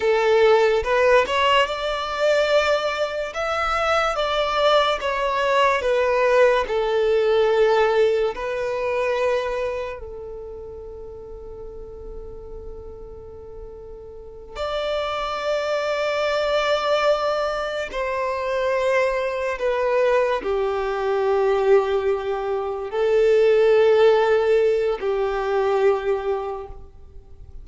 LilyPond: \new Staff \with { instrumentName = "violin" } { \time 4/4 \tempo 4 = 72 a'4 b'8 cis''8 d''2 | e''4 d''4 cis''4 b'4 | a'2 b'2 | a'1~ |
a'4. d''2~ d''8~ | d''4. c''2 b'8~ | b'8 g'2. a'8~ | a'2 g'2 | }